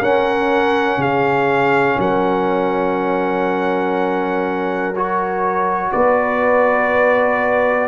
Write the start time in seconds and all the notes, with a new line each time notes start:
0.00 C#4 A#4 F#5
0.98 C#3 G#4 F5
1.99 F#3 A#4 F#5
4.97 F#4 C#5
5.92 B3 B4 D5